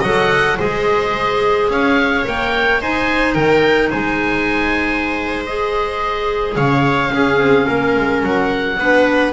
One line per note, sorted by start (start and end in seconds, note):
0.00 0.58 F#3
0.00 0.59 A4
0.00 0.56 D#5
0.00 0.59 F#5
0.58 1.70 G#3
0.58 2.25 G#4
0.58 1.69 C5
0.58 1.70 D#5
1.70 2.25 C#4
1.70 2.82 C#5
1.70 2.26 F5
2.25 2.81 A#3
2.25 2.80 A#4
2.25 2.83 G5
2.81 3.36 D#4
2.81 5.47 D#4
2.81 3.35 C5
2.81 3.35 G#5
3.35 3.91 D#3
3.35 3.90 A#4
3.35 3.90 G5
3.90 6.57 G#3
3.90 6.54 C5
3.90 5.44 G#5
5.46 7.11 G#4
5.46 6.55 D#5
6.55 7.12 C#3
6.55 7.13 C#5
6.55 8.22 F5
7.11 8.77 C#4
7.11 7.38 C#4
7.11 7.67 G#4
7.38 7.66 C4
7.67 7.96 A#3
7.67 8.78 A#4
7.96 8.23 G#3
8.23 8.79 F#3
8.23 9.33 F#5
8.79 9.33 B3
8.79 9.33 D4
8.79 9.33 B4